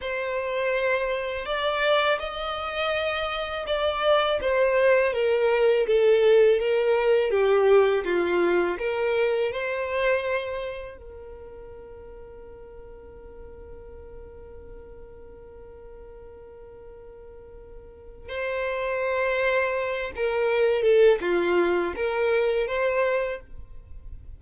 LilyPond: \new Staff \with { instrumentName = "violin" } { \time 4/4 \tempo 4 = 82 c''2 d''4 dis''4~ | dis''4 d''4 c''4 ais'4 | a'4 ais'4 g'4 f'4 | ais'4 c''2 ais'4~ |
ais'1~ | ais'1~ | ais'4 c''2~ c''8 ais'8~ | ais'8 a'8 f'4 ais'4 c''4 | }